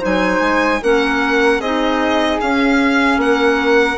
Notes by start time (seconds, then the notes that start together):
0.00 F#3 D#4 C5 G#5
0.40 G#3
0.82 A#3 C#4 A#4 F#5
1.60 C4 D#4 G#4 D#5
2.40 C#4 F5
3.17 A#3 A#4 F#5